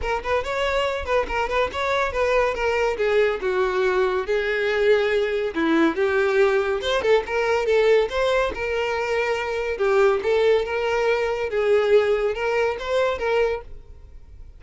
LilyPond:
\new Staff \with { instrumentName = "violin" } { \time 4/4 \tempo 4 = 141 ais'8 b'8 cis''4. b'8 ais'8 b'8 | cis''4 b'4 ais'4 gis'4 | fis'2 gis'2~ | gis'4 e'4 g'2 |
c''8 a'8 ais'4 a'4 c''4 | ais'2. g'4 | a'4 ais'2 gis'4~ | gis'4 ais'4 c''4 ais'4 | }